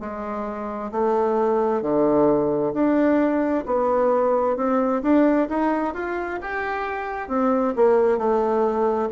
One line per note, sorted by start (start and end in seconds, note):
0.00 0.91 G#3
0.91 1.82 A3
1.82 2.73 D3
2.73 3.64 D4
3.66 4.57 B3
4.57 5.02 C4
5.02 5.48 D4
5.49 5.94 D#4
5.94 6.39 F4
6.41 7.29 G4
7.29 7.74 C4
7.76 8.18 A#3
8.18 9.09 A3